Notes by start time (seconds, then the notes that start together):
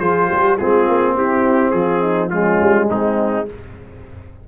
0.00 F3 F4 G#4 C5
0.28 G3 G4
0.56 G#3 C4 F4 G#4
0.88 A#3
1.16 C4 E4 G4
1.71 F3 F4 G#4
2.01 D#4
2.30 G#3 C#4 F4
2.62 G3
2.89 G#3 C4 D#4